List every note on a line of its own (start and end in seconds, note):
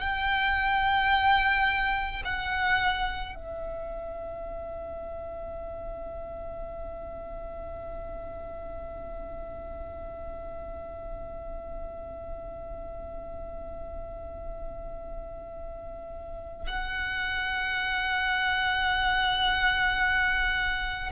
0.00 2.22 G5
2.24 3.35 F#5
3.35 16.67 E5
16.67 21.11 F#5